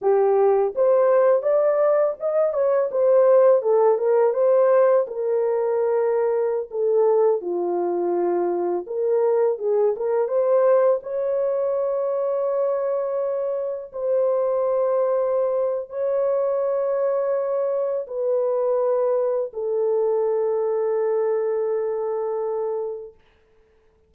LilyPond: \new Staff \with { instrumentName = "horn" } { \time 4/4 \tempo 4 = 83 g'4 c''4 d''4 dis''8 cis''8 | c''4 a'8 ais'8 c''4 ais'4~ | ais'4~ ais'16 a'4 f'4.~ f'16~ | f'16 ais'4 gis'8 ais'8 c''4 cis''8.~ |
cis''2.~ cis''16 c''8.~ | c''2 cis''2~ | cis''4 b'2 a'4~ | a'1 | }